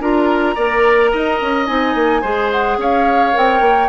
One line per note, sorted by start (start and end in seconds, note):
0.00 0.56 D4
0.00 0.56 F4
0.00 0.55 A#4
0.00 1.66 A#5
0.55 1.12 A#3
0.55 1.66 A#4
0.55 1.10 D5
1.12 1.41 D#4
1.12 2.21 D#5
1.41 1.69 C#4
1.66 1.95 C4
1.66 2.22 D#4
1.66 2.50 G#5
1.95 2.22 A#3
2.21 2.77 G#3
2.21 3.32 G#4
2.21 2.77 C5
2.52 2.79 F#5
2.77 3.33 C#4
2.77 3.89 C#5
2.77 3.37 F5
3.32 3.61 C4
3.32 3.88 A#4
3.32 3.89 G5
3.61 3.88 A#3